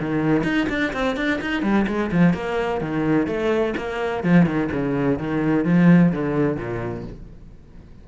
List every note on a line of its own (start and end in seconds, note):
0.00 0.44 D#3
0.44 0.67 D#4
0.69 0.93 D4
0.93 1.17 C4
1.17 1.40 D4
1.41 1.62 D#4
1.62 1.86 G3
1.87 2.11 G#3
2.12 2.34 F3
2.34 2.81 A#3
2.81 3.27 D#3
3.27 3.74 A3
3.78 4.24 A#3
4.24 4.46 F3
4.46 4.70 D#3
4.72 5.19 C#3
5.19 5.65 D#3
5.65 6.12 F3
6.12 6.57 D3
6.57 7.04 A#2